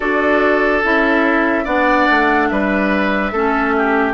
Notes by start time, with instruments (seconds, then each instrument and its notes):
0.00 bassoon D4, clarinet F#4, oboe A4, flute D5
0.83 bassoon C#4, clarinet E4, flute E5
1.64 bassoon B3, clarinet D4, oboe D5, flute F#5
2.10 bassoon A3
2.48 bassoon G3, oboe B4, flute E5
3.31 bassoon A3, clarinet C#4, oboe A4
3.77 oboe G4